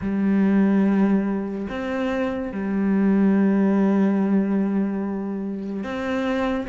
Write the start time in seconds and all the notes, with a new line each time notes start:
0.01 G3
1.69 C4
2.52 G3
5.83 C4